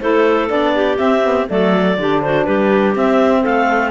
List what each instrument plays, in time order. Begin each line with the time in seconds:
0.00 cello A3, saxophone E4, clarinet A4 C5
0.49 cello B3, saxophone D4, clarinet D5
0.74 clarinet G4
0.98 saxophone C4, cello C4, clarinet E5
1.23 saxophone B3
1.46 cello F#3, saxophone A3, clarinet A4 D5
1.97 cello D3, saxophone D4, clarinet G4
2.22 clarinet F#4 C5
2.45 cello G3, clarinet G4 B4
2.95 saxophone C4, cello C4, clarinet E5
3.41 cello A3, clarinet A4 F5